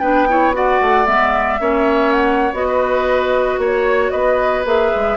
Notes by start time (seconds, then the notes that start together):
0.00 B3 D4 B4 G5
0.29 E4 C#5
0.53 F#4 D5 F#5
0.82 A3
1.06 G#3 B3 E5
1.60 A#3 C#4 C#5
2.13 F#5
2.53 B3 F#4 D#5
2.68 B4
3.58 A#3 C#5
4.11 B3 B4 D#5
4.66 A#3 G#4 E5
4.96 G#3